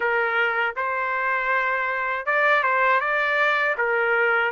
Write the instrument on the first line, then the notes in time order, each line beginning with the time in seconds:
trumpet
0.00 A#4
0.76 C5
2.25 D5
2.63 C5
3.00 D5
3.77 A#4